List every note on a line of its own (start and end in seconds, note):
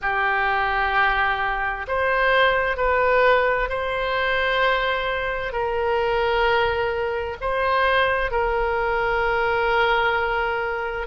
0.01 1.86 G4
1.87 2.77 C5
2.77 3.69 B4
3.69 5.52 C5
5.52 7.36 A#4
7.41 8.31 C5
8.31 11.06 A#4